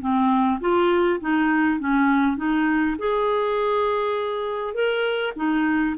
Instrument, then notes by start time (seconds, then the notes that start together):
clarinet
0.00 C4
0.60 F4
1.20 D#4
1.79 C#4
2.37 D#4
2.98 G#4
4.73 A#4
5.36 D#4